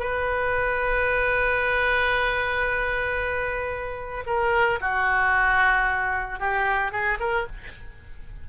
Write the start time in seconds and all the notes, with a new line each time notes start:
0.00 B4
4.27 A#4
4.81 F#4
6.40 G4
6.92 G#4
7.20 A#4